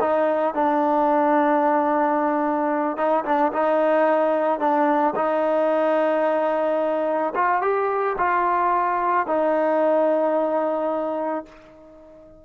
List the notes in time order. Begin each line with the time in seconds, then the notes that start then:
0.00 D#4
0.54 D4
2.97 D#4
3.25 D4
3.53 D#4
4.59 D4
5.15 D#4
7.35 F4
7.62 G4
8.18 F4
9.27 D#4